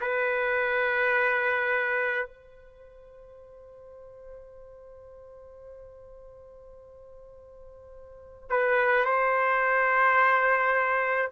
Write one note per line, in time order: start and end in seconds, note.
0.00 2.26 B4
2.26 8.49 C5
8.49 9.05 B4
9.05 11.31 C5